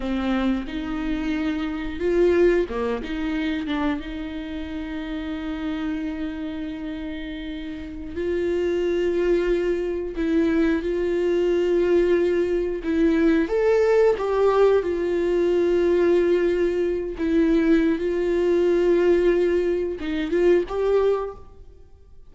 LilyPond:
\new Staff \with { instrumentName = "viola" } { \time 4/4 \tempo 4 = 90 c'4 dis'2 f'4 | ais8 dis'4 d'8 dis'2~ | dis'1~ | dis'16 f'2. e'8.~ |
e'16 f'2. e'8.~ | e'16 a'4 g'4 f'4.~ f'16~ | f'4.~ f'16 e'4~ e'16 f'4~ | f'2 dis'8 f'8 g'4 | }